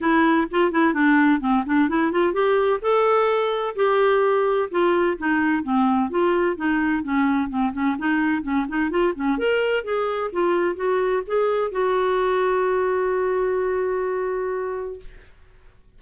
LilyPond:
\new Staff \with { instrumentName = "clarinet" } { \time 4/4 \tempo 4 = 128 e'4 f'8 e'8 d'4 c'8 d'8 | e'8 f'8 g'4 a'2 | g'2 f'4 dis'4 | c'4 f'4 dis'4 cis'4 |
c'8 cis'8 dis'4 cis'8 dis'8 f'8 cis'8 | ais'4 gis'4 f'4 fis'4 | gis'4 fis'2.~ | fis'1 | }